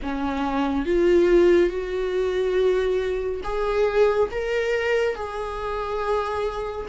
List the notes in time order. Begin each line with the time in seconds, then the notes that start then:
0.02 C#4
0.85 F4
1.69 F#4
3.43 G#4
4.31 A#4
5.15 G#4